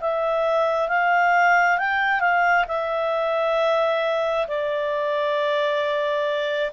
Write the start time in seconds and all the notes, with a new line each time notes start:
0.00 E5
0.88 F5
1.78 G5
2.20 F5
2.68 E5
4.47 D5